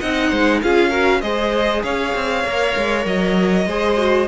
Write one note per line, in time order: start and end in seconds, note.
0.00 0.32 C4
0.00 0.64 D#4
0.00 0.29 D#5
0.00 0.61 F#5
0.29 0.62 G#3
0.29 0.60 C5
0.62 1.22 C#4
0.62 0.91 F4
0.62 0.90 G#4
0.62 1.22 F5
0.90 1.22 F#4
0.90 1.20 A#4
1.22 1.84 G#3
1.22 2.46 G#4
1.22 1.84 C5
1.22 1.83 D#5
1.83 2.15 C#4
1.83 3.67 C#5
1.83 3.06 F5
2.15 2.45 C4
2.45 2.76 A#3
2.45 3.68 A#4
2.77 3.06 G#3
3.06 3.67 F#3
3.06 4.28 D#5
3.67 4.28 G#3
3.67 3.98 G#4
3.67 4.28 C5
3.98 4.28 F#4